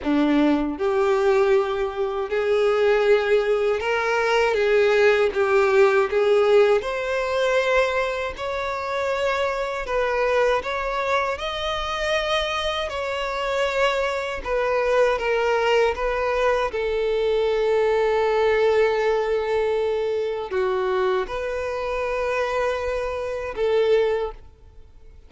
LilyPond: \new Staff \with { instrumentName = "violin" } { \time 4/4 \tempo 4 = 79 d'4 g'2 gis'4~ | gis'4 ais'4 gis'4 g'4 | gis'4 c''2 cis''4~ | cis''4 b'4 cis''4 dis''4~ |
dis''4 cis''2 b'4 | ais'4 b'4 a'2~ | a'2. fis'4 | b'2. a'4 | }